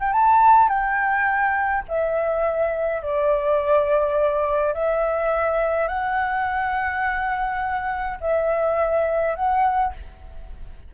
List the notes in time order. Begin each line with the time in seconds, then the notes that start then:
0.00 G5
0.13 A5
0.69 G5
1.89 E5
3.02 D5
4.74 E5
5.88 F#5
8.21 E5
9.36 F#5